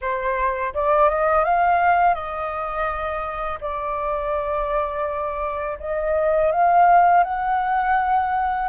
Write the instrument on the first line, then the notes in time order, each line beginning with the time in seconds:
flute
0.01 C5
0.74 D5
1.09 D#5
1.44 F5
2.14 D#5
3.60 D5
5.79 D#5
6.51 F5
7.23 F#5